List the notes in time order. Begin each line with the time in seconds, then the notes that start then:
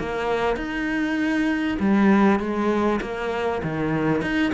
0.00 A#3
0.56 D#4
1.80 G3
2.40 G#3
3.01 A#3
3.63 D#3
4.22 D#4